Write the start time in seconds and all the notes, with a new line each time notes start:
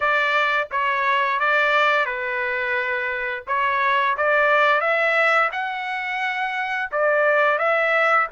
0.00 D5
0.71 C#5
1.39 D5
2.05 B4
3.47 C#5
4.17 D5
4.80 E5
5.52 F#5
6.91 D5
7.58 E5